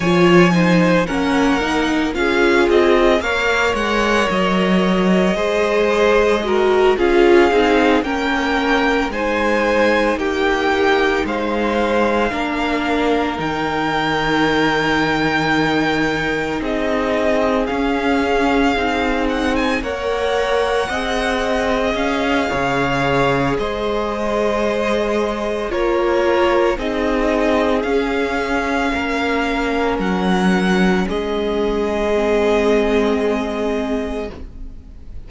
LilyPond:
<<
  \new Staff \with { instrumentName = "violin" } { \time 4/4 \tempo 4 = 56 gis''4 fis''4 f''8 dis''8 f''8 fis''8 | dis''2~ dis''8 f''4 g''8~ | g''8 gis''4 g''4 f''4.~ | f''8 g''2. dis''8~ |
dis''8 f''4. fis''16 gis''16 fis''4.~ | fis''8 f''4. dis''2 | cis''4 dis''4 f''2 | fis''4 dis''2. | }
  \new Staff \with { instrumentName = "violin" } { \time 4/4 cis''8 c''8 ais'4 gis'4 cis''4~ | cis''4 c''4 ais'8 gis'4 ais'8~ | ais'8 c''4 g'4 c''4 ais'8~ | ais'2.~ ais'8 gis'8~ |
gis'2~ gis'8 cis''4 dis''8~ | dis''4 cis''4 c''2 | ais'4 gis'2 ais'4~ | ais'4 gis'2. | }
  \new Staff \with { instrumentName = "viola" } { \time 4/4 f'8 dis'8 cis'8 dis'8 f'4 ais'4~ | ais'4 gis'4 fis'8 f'8 dis'8 cis'8~ | cis'8 dis'2. d'8~ | d'8 dis'2.~ dis'8~ |
dis'8 cis'4 dis'4 ais'4 gis'8~ | gis'1 | f'4 dis'4 cis'2~ | cis'2 c'2 | }
  \new Staff \with { instrumentName = "cello" } { \time 4/4 f4 ais4 cis'8 c'8 ais8 gis8 | fis4 gis4. cis'8 c'8 ais8~ | ais8 gis4 ais4 gis4 ais8~ | ais8 dis2. c'8~ |
c'8 cis'4 c'4 ais4 c'8~ | c'8 cis'8 cis4 gis2 | ais4 c'4 cis'4 ais4 | fis4 gis2. | }
>>